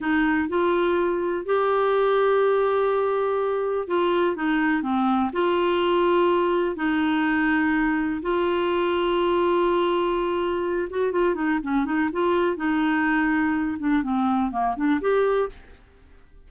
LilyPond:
\new Staff \with { instrumentName = "clarinet" } { \time 4/4 \tempo 4 = 124 dis'4 f'2 g'4~ | g'1 | f'4 dis'4 c'4 f'4~ | f'2 dis'2~ |
dis'4 f'2.~ | f'2~ f'8 fis'8 f'8 dis'8 | cis'8 dis'8 f'4 dis'2~ | dis'8 d'8 c'4 ais8 d'8 g'4 | }